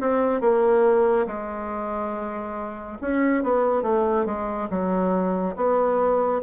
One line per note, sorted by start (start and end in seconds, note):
0.00 0.41 C4
0.41 1.26 A#3
1.26 2.98 G#3
3.01 3.43 C#4
3.43 3.82 B3
3.82 4.25 A3
4.25 4.68 G#3
4.70 5.56 F#3
5.56 6.41 B3